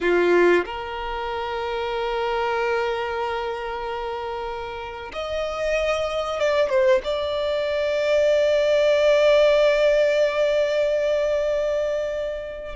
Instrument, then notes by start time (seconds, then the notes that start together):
violin
0.01 F4
0.65 A#4
5.12 D#5
6.39 D5
6.69 C5
7.04 D5